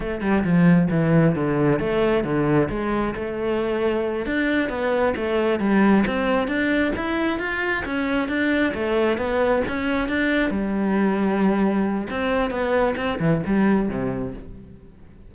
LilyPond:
\new Staff \with { instrumentName = "cello" } { \time 4/4 \tempo 4 = 134 a8 g8 f4 e4 d4 | a4 d4 gis4 a4~ | a4. d'4 b4 a8~ | a8 g4 c'4 d'4 e'8~ |
e'8 f'4 cis'4 d'4 a8~ | a8 b4 cis'4 d'4 g8~ | g2. c'4 | b4 c'8 e8 g4 c4 | }